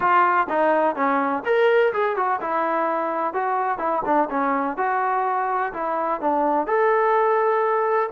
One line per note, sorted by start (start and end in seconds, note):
0.00 0.47 F4
0.49 0.95 D#4
0.95 1.43 C#4
1.45 1.92 A#4
1.93 2.16 G#4
2.16 2.40 F#4
2.40 3.33 E4
3.33 3.78 F#4
3.78 4.02 E4
4.05 4.29 D4
4.30 4.77 C#4
4.77 5.72 F#4
5.73 6.20 E4
6.20 6.66 D4
6.66 8.09 A4